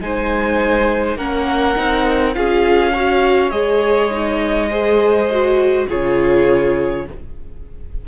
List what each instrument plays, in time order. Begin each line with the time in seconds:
0.00 cello G#3, viola D#4, violin C5 G#5
1.16 cello A#3, viola C#4, violin A#4 F#5
1.76 cello C4, viola D#4
2.34 cello C#4, viola F4, violin G#4 F5
2.93 viola F#4, violin C#5
3.50 cello G#3, viola G#4, violin D#5
4.10 viola D#4
4.70 viola G#4, violin C5
5.31 viola F#4
5.87 cello C#3, viola F4, violin G#4 C#5